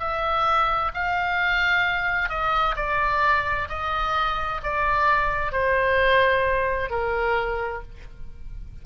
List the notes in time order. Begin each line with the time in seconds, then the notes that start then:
0.00 E5
0.94 F5
2.30 D#5
2.77 D5
3.69 D#5
4.64 D5
5.53 C5
6.90 A#4